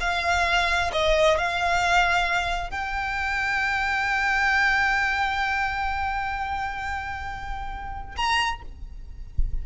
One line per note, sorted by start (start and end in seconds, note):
0.00 0.91 F5
0.92 1.37 D#5
1.38 2.70 F5
2.70 8.15 G5
8.16 8.62 A#5